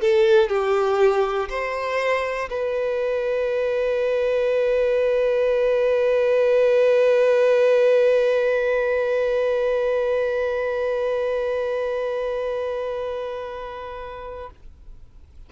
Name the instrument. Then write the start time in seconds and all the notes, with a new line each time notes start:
violin
0.00 A4
0.49 G4
1.49 C5
2.50 B4